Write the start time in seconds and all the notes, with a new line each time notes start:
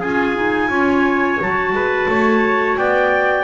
0.00 C#4 F4 G#4 G#5
0.36 D#4
0.69 C#4 F4 C#5
1.41 F#3 F#4 A5
1.73 G#3 B4
2.08 A3 C#5
2.77 B3 D5 G5